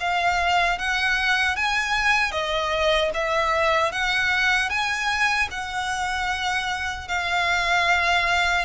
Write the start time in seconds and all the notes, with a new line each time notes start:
0.00 F5
0.78 F#5
1.56 G#5
2.32 D#5
3.14 E5
3.92 F#5
4.69 G#5
5.51 F#5
7.08 F5